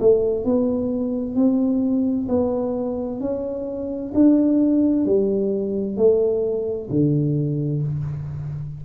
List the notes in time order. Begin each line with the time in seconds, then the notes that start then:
0.00 A3
0.45 B3
1.35 C4
2.28 B3
3.21 C#4
4.14 D4
5.05 G3
5.97 A3
6.90 D3